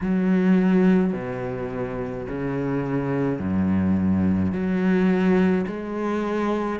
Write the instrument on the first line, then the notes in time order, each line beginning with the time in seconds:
cello
0.00 F#3
1.13 B2
2.28 C#3
3.39 F#2
4.52 F#3
5.66 G#3